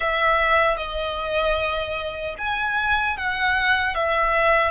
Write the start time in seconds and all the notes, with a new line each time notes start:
0.00 E5
0.77 D#5
2.38 G#5
3.17 F#5
3.95 E5